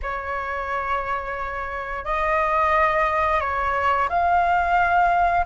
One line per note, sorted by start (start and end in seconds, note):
0.02 2.05 C#5
2.05 3.40 D#5
3.40 4.08 C#5
4.09 5.45 F5